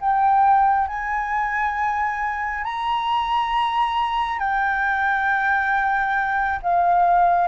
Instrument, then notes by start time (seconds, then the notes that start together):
flute
0.00 G5
0.87 G#5
2.64 A#5
4.38 G5
6.62 F5